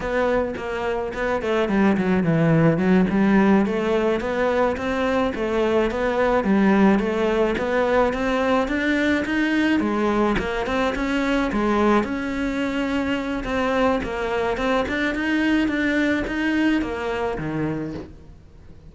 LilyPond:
\new Staff \with { instrumentName = "cello" } { \time 4/4 \tempo 4 = 107 b4 ais4 b8 a8 g8 fis8 | e4 fis8 g4 a4 b8~ | b8 c'4 a4 b4 g8~ | g8 a4 b4 c'4 d'8~ |
d'8 dis'4 gis4 ais8 c'8 cis'8~ | cis'8 gis4 cis'2~ cis'8 | c'4 ais4 c'8 d'8 dis'4 | d'4 dis'4 ais4 dis4 | }